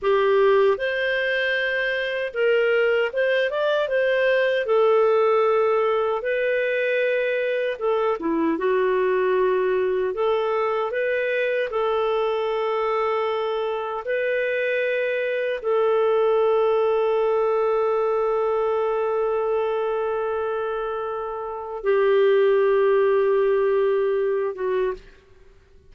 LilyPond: \new Staff \with { instrumentName = "clarinet" } { \time 4/4 \tempo 4 = 77 g'4 c''2 ais'4 | c''8 d''8 c''4 a'2 | b'2 a'8 e'8 fis'4~ | fis'4 a'4 b'4 a'4~ |
a'2 b'2 | a'1~ | a'1 | g'2.~ g'8 fis'8 | }